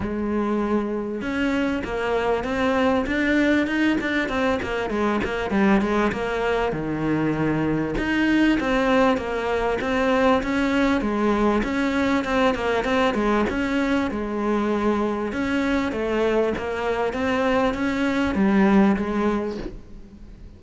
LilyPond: \new Staff \with { instrumentName = "cello" } { \time 4/4 \tempo 4 = 98 gis2 cis'4 ais4 | c'4 d'4 dis'8 d'8 c'8 ais8 | gis8 ais8 g8 gis8 ais4 dis4~ | dis4 dis'4 c'4 ais4 |
c'4 cis'4 gis4 cis'4 | c'8 ais8 c'8 gis8 cis'4 gis4~ | gis4 cis'4 a4 ais4 | c'4 cis'4 g4 gis4 | }